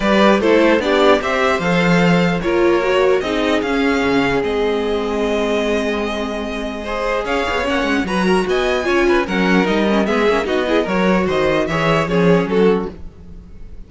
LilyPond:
<<
  \new Staff \with { instrumentName = "violin" } { \time 4/4 \tempo 4 = 149 d''4 c''4 d''4 e''4 | f''2 cis''2 | dis''4 f''2 dis''4~ | dis''1~ |
dis''2 f''4 fis''4 | ais''4 gis''2 fis''4 | dis''4 e''4 dis''4 cis''4 | dis''4 e''4 cis''4 a'4 | }
  \new Staff \with { instrumentName = "violin" } { \time 4/4 b'4 a'4 g'4 c''4~ | c''2 ais'2 | gis'1~ | gis'1~ |
gis'4 c''4 cis''2 | b'8 ais'8 dis''4 cis''8 b'8 ais'4~ | ais'4 gis'4 fis'8 gis'8 ais'4 | c''4 cis''4 gis'4 fis'4 | }
  \new Staff \with { instrumentName = "viola" } { \time 4/4 g'4 e'4 d'4 g'4 | a'2 f'4 fis'4 | dis'4 cis'2 c'4~ | c'1~ |
c'4 gis'2 cis'4 | fis'2 f'4 cis'4 | dis'8 cis'8 b8 cis'8 dis'8 e'8 fis'4~ | fis'4 gis'4 cis'2 | }
  \new Staff \with { instrumentName = "cello" } { \time 4/4 g4 a4 b4 c'4 | f2 ais2 | c'4 cis'4 cis4 gis4~ | gis1~ |
gis2 cis'8 b8 ais8 gis8 | fis4 b4 cis'4 fis4 | g4 gis8 ais8 b4 fis4 | dis4 e4 f4 fis4 | }
>>